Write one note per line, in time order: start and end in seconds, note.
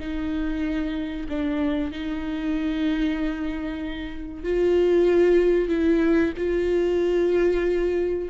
0.00 1.28 D#4
1.29 1.92 D4
1.92 4.44 D#4
4.44 5.69 F4
5.69 6.33 E4
6.37 8.29 F4